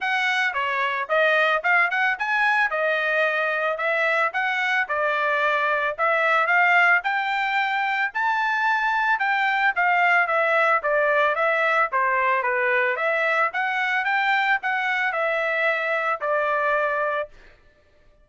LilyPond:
\new Staff \with { instrumentName = "trumpet" } { \time 4/4 \tempo 4 = 111 fis''4 cis''4 dis''4 f''8 fis''8 | gis''4 dis''2 e''4 | fis''4 d''2 e''4 | f''4 g''2 a''4~ |
a''4 g''4 f''4 e''4 | d''4 e''4 c''4 b'4 | e''4 fis''4 g''4 fis''4 | e''2 d''2 | }